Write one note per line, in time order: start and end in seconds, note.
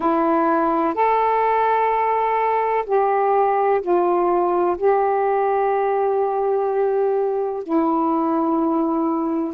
0.00 0.94 E4
0.94 2.84 A4
2.86 3.81 G4
3.81 4.77 F4
4.77 7.63 G4
7.63 9.53 E4